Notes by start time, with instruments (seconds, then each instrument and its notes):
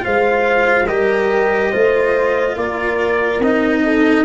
0.00 tuba G#3, cello F4, horn C5, trumpet F5
0.87 tuba G3, cello G4, horn A#4, trumpet D#5
1.71 tuba A3, cello F4, horn C5
2.56 tuba A#3, horn A#4, trumpet D5
3.39 tuba C4, cello D#4, trumpet D#5
3.83 horn A4